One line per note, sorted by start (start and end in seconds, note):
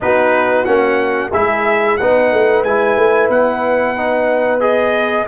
0.01 0.66 B3
0.01 0.65 D#4
0.01 1.30 F#4
0.01 0.64 B4
0.64 1.32 A#3
0.64 1.31 C#4
0.64 1.30 F#5
1.30 1.99 G#3
1.30 1.99 E4
1.30 1.96 G#4
1.30 1.97 E5
1.97 2.32 B3
1.97 2.66 D#4
1.97 5.27 B4
1.97 2.63 F#5
2.32 2.63 A3
2.63 2.96 G#3
2.63 3.97 E4
2.63 3.29 G#5
2.96 3.29 A3
3.29 5.27 B3
3.29 4.60 F#5
3.97 4.59 D#4
4.59 5.25 G#4
4.59 5.26 D#5